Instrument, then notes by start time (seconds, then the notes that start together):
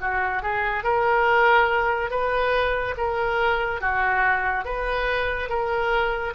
oboe
0.00 F#4
0.42 G#4
0.83 A#4
2.10 B4
2.97 A#4
3.80 F#4
4.64 B4
5.49 A#4